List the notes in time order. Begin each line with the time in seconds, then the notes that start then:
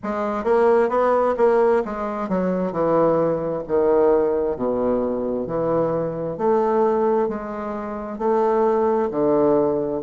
0.02 G#3
0.43 A#3
0.89 B3
1.37 A#3
1.84 G#3
2.29 F#3
2.71 E3
3.67 D#3
4.56 B2
5.47 E3
6.37 A3
7.28 G#3
8.18 A3
9.10 D3